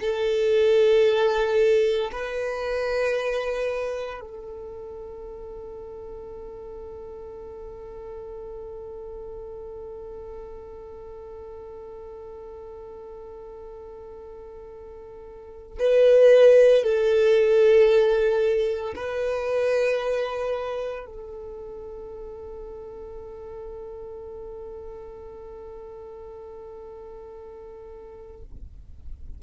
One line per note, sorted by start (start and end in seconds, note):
0.00 2.11 A4
2.11 4.21 B4
4.21 15.78 A4
15.79 16.83 B4
16.83 18.94 A4
18.95 21.05 B4
21.05 28.42 A4